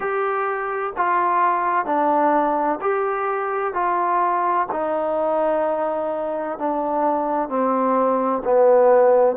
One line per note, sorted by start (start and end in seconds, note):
0.00 0.92 G4
0.96 1.85 F4
1.85 2.79 D4
2.81 3.73 G4
3.73 4.67 F4
4.71 6.58 D#4
6.58 7.48 D4
7.48 8.42 C4
8.44 9.36 B3